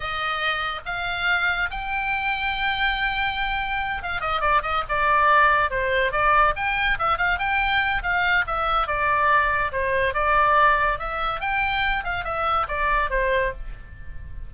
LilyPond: \new Staff \with { instrumentName = "oboe" } { \time 4/4 \tempo 4 = 142 dis''2 f''2 | g''1~ | g''4. f''8 dis''8 d''8 dis''8 d''8~ | d''4. c''4 d''4 g''8~ |
g''8 e''8 f''8 g''4. f''4 | e''4 d''2 c''4 | d''2 e''4 g''4~ | g''8 f''8 e''4 d''4 c''4 | }